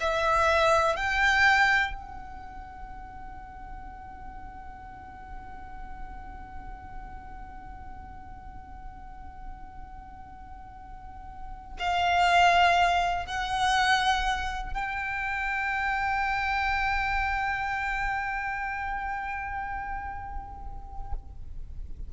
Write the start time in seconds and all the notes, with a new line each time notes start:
0.00 E5
0.96 G5
1.94 F#5
11.79 F5
13.26 F#5
14.73 G5